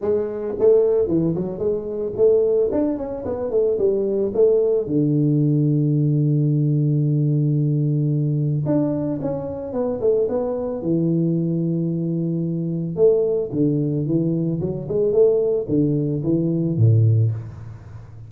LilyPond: \new Staff \with { instrumentName = "tuba" } { \time 4/4 \tempo 4 = 111 gis4 a4 e8 fis8 gis4 | a4 d'8 cis'8 b8 a8 g4 | a4 d2.~ | d1 |
d'4 cis'4 b8 a8 b4 | e1 | a4 d4 e4 fis8 gis8 | a4 d4 e4 a,4 | }